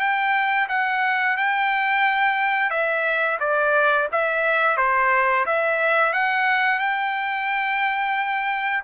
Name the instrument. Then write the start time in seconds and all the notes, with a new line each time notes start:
trumpet
0.00 G5
0.69 F#5
1.37 G5
2.71 E5
3.40 D5
4.12 E5
4.77 C5
5.46 E5
6.13 F#5
6.79 G5